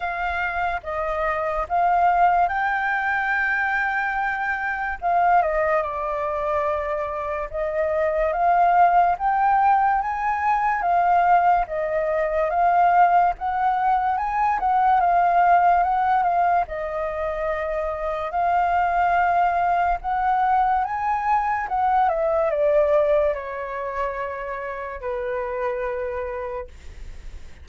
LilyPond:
\new Staff \with { instrumentName = "flute" } { \time 4/4 \tempo 4 = 72 f''4 dis''4 f''4 g''4~ | g''2 f''8 dis''8 d''4~ | d''4 dis''4 f''4 g''4 | gis''4 f''4 dis''4 f''4 |
fis''4 gis''8 fis''8 f''4 fis''8 f''8 | dis''2 f''2 | fis''4 gis''4 fis''8 e''8 d''4 | cis''2 b'2 | }